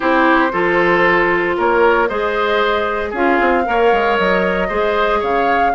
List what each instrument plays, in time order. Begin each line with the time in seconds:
0.00 bassoon C4, clarinet E4, oboe G4, flute C5
0.52 bassoon F3, clarinet F4, oboe A4
1.57 bassoon A#3, oboe A#4, flute C#5
2.08 bassoon G#3, clarinet G#4, oboe C5, flute D#5
3.10 bassoon C#4, clarinet F4, oboe G#4, flute F5
3.40 bassoon C4
3.64 bassoon A#3, clarinet A#4, oboe C#5
3.92 bassoon G#3
4.18 bassoon F#3, flute D#5
4.68 bassoon G#3, clarinet G#4, oboe C5
5.19 bassoon C#3, oboe C#5, flute F5